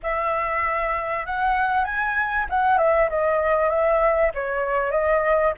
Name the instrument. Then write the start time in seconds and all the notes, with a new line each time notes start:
flute
0.03 E5
1.25 F#5
1.84 G#5
2.49 F#5
2.78 E5
3.09 D#5
3.69 E5
4.34 C#5
4.91 D#5